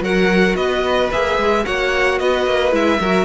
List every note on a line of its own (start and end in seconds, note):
0.00 0.54 F#3
0.00 1.11 F#4
0.00 0.56 A#4
0.00 0.56 F#5
0.55 1.09 B3
0.55 1.64 B4
0.55 1.10 D#5
1.12 1.38 A#3
1.12 1.63 G#4
1.12 1.65 E5
1.38 1.65 G#3
1.63 2.20 A#3
1.63 2.71 F#4
1.63 2.19 C#5
1.63 2.19 F#5
2.19 2.47 B3
2.19 3.00 B4
2.19 2.73 D#5
2.47 2.72 A#3
2.71 2.99 G#3
2.71 2.98 E4
2.71 3.25 E5
3.00 3.25 F#3
3.00 3.25 F#4
3.00 3.25 A#4